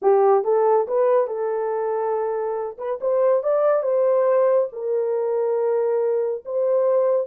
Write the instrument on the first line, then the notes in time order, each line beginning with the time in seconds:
horn
0.02 G4
0.43 A4
0.87 B4
1.27 A4
2.77 B4
3.00 C5
3.43 D5
3.82 C5
4.72 A#4
6.45 C5